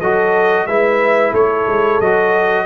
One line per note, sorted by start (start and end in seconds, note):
0.00 0.66 F#3
0.00 0.69 F#4
0.00 0.67 A4
0.00 0.67 D#5
0.66 1.33 G#3
0.66 2.02 E4
0.66 1.32 B4
0.66 1.33 E5
1.32 1.66 A3
1.32 2.65 A4
1.32 2.01 C#5
1.67 2.00 G#3
2.01 2.66 F#3
2.01 2.66 F#4
2.01 2.66 D#5